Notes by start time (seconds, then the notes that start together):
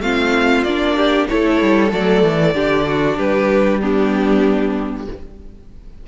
0.00 A3 C4 F4 F5
0.63 A#3 D4 D5
0.96 G4
1.28 A3 E4 A4 C#5
1.61 G3
1.89 F#3 A3 D5
2.22 E3
2.54 D3 D4 G4
2.86 F#4
3.17 G3 G4 B4
3.80 B3 D4 G4